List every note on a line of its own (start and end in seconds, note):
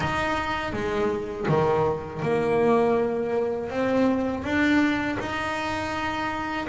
0.00 0.72 D#4
0.72 1.46 G#3
1.48 2.22 D#3
2.22 3.70 A#3
3.70 4.44 C4
4.44 5.18 D4
5.19 6.67 D#4